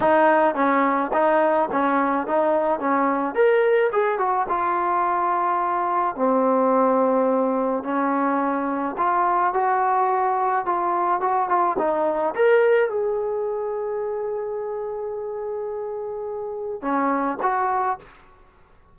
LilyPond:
\new Staff \with { instrumentName = "trombone" } { \time 4/4 \tempo 4 = 107 dis'4 cis'4 dis'4 cis'4 | dis'4 cis'4 ais'4 gis'8 fis'8 | f'2. c'4~ | c'2 cis'2 |
f'4 fis'2 f'4 | fis'8 f'8 dis'4 ais'4 gis'4~ | gis'1~ | gis'2 cis'4 fis'4 | }